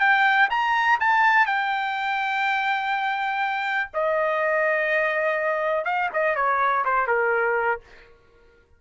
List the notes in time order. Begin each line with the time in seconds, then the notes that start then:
0.00 G5
0.50 A#5
1.00 A5
1.46 G5
3.94 D#5
5.85 F5
6.13 D#5
6.35 C#5
6.85 C5
7.07 A#4